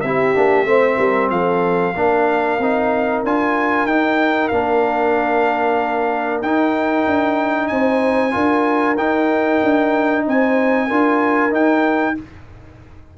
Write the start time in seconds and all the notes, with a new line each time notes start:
0.00 C4 E4 G4 E5
0.35 A#3 D4
0.64 A3 C4 C5
0.98 G3 A#4
1.30 F3 A4 F5
1.96 A#3 D4 A#4
2.59 C4 D#4
3.23 D4 F4 G#5
3.84 D#4 G5
4.48 A#3 D4 F5
6.41 D#4 G5
7.06 D4
7.67 C4 C5 G#5
8.31 D4 F4 A#4
8.96 D#4 G5
9.63 D4
10.27 C4 C5 G#5
10.87 D4 F4 A#4
11.51 D#4 G5